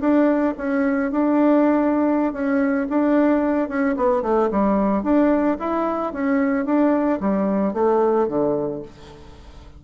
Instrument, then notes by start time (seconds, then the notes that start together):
bassoon
0.00 D4
0.57 C#4
1.11 D4
2.33 C#4
2.89 D4
3.69 C#4
3.97 B3
4.22 A3
4.51 G3
5.03 D4
5.59 E4
6.13 C#4
6.65 D4
7.20 G3
7.73 A3
8.28 D3